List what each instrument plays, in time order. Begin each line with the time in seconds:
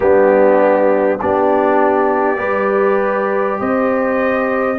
0.00 tuba G3, trombone B3, horn D4, trumpet G4
1.20 tuba B3, trombone D4, horn G4, trumpet D5
2.36 tuba G3, trombone G4, horn B4
3.59 tuba C4, horn C5, trumpet D#5